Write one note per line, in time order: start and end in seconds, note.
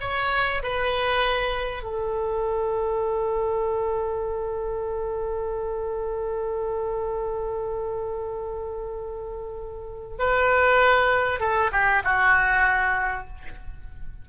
0.00 0.62 C#5
0.62 1.82 B4
1.82 10.17 A4
10.18 11.40 B4
11.40 11.70 A4
11.72 12.03 G4
12.04 13.27 F#4